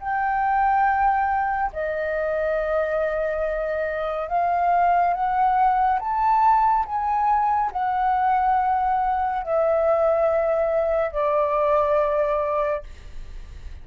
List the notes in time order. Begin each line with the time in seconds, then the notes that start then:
0.00 G5
1.73 D#5
4.29 F5
5.14 F#5
6.00 A5
6.86 G#5
7.73 F#5
9.43 E5
11.12 D5